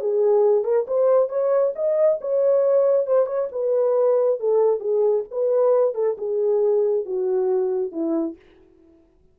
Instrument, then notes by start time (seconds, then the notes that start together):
horn
0.00 G#4
0.64 A#4
0.87 C5
1.29 C#5
1.75 D#5
2.21 C#5
3.07 C5
3.26 C#5
3.52 B4
4.40 A4
4.80 G#4
5.31 B4
5.94 A4
6.18 G#4
7.05 F#4
7.92 E4